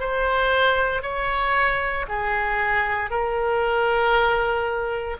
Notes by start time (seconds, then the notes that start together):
0.00 C5
1.02 C#5
2.08 G#4
3.10 A#4